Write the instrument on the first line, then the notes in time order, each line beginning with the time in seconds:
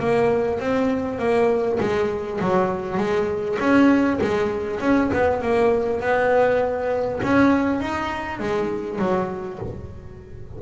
double bass
0.00 A#3
0.60 C4
1.19 A#3
1.80 G#3
2.41 F#3
2.98 G#3
3.59 C#4
4.21 G#3
4.81 C#4
5.13 B3
5.42 A#3
6.01 B3
7.23 C#4
7.81 D#4
8.39 G#3
8.99 F#3